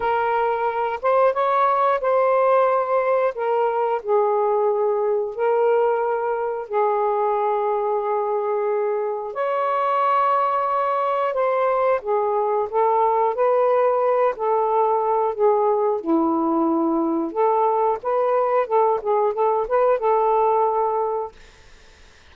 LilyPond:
\new Staff \with { instrumentName = "saxophone" } { \time 4/4 \tempo 4 = 90 ais'4. c''8 cis''4 c''4~ | c''4 ais'4 gis'2 | ais'2 gis'2~ | gis'2 cis''2~ |
cis''4 c''4 gis'4 a'4 | b'4. a'4. gis'4 | e'2 a'4 b'4 | a'8 gis'8 a'8 b'8 a'2 | }